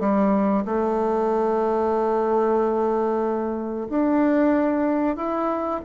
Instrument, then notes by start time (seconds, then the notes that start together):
bassoon
0.00 G3
0.65 A3
3.89 D4
5.16 E4